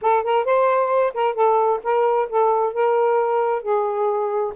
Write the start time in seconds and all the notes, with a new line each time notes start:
0.01 A4
0.23 A#4
0.44 C5
1.14 A#4
1.34 A4
1.83 A#4
2.29 A4
2.73 A#4
3.62 G#4